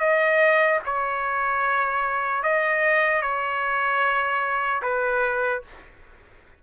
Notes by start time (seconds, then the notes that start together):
0.00 D#5
0.85 C#5
2.43 D#5
3.22 C#5
4.82 B4